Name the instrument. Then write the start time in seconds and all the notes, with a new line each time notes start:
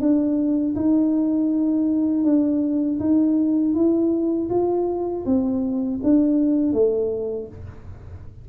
tuba
0.00 D4
0.76 D#4
2.24 D4
3.00 D#4
3.74 E4
4.50 F4
5.25 C4
6.03 D4
6.73 A3